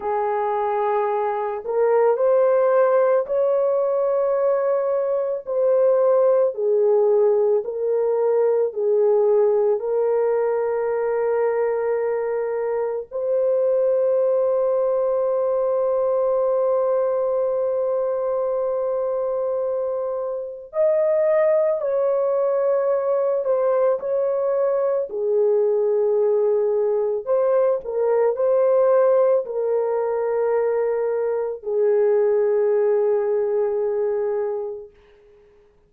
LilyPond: \new Staff \with { instrumentName = "horn" } { \time 4/4 \tempo 4 = 55 gis'4. ais'8 c''4 cis''4~ | cis''4 c''4 gis'4 ais'4 | gis'4 ais'2. | c''1~ |
c''2. dis''4 | cis''4. c''8 cis''4 gis'4~ | gis'4 c''8 ais'8 c''4 ais'4~ | ais'4 gis'2. | }